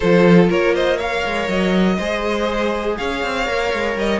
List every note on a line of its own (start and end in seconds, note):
0.00 0.49 F3
0.00 0.99 F4
0.00 0.49 A4
0.00 0.46 C5
0.49 1.23 A#3
0.49 0.74 A#4
0.49 0.75 C#5
0.74 0.96 C5
0.74 0.99 D#5
0.96 1.98 A#4
0.96 1.96 C#5
0.96 1.48 F5
1.25 1.48 G#3
1.48 1.98 F#3
1.48 2.97 D#5
1.97 2.98 G#3
1.97 3.46 G#4
1.97 2.96 C5
2.97 3.24 C#4
2.97 4.19 C#5
2.97 3.96 F5
3.24 3.47 C4
3.46 3.72 A#3
3.46 4.19 A#4
3.73 3.96 G#3
3.96 4.19 G3
3.96 4.19 D#5